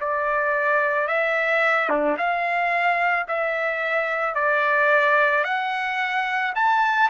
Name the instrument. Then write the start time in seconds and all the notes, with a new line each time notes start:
trumpet
0.00 D5
1.08 E5
1.89 D4
2.17 F5
3.28 E5
4.34 D5
5.44 F#5
6.55 A5